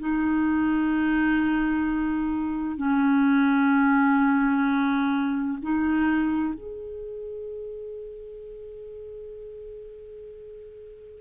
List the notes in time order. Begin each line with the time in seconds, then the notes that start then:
0.00 D#4
2.77 C#4
5.62 D#4
6.55 G#4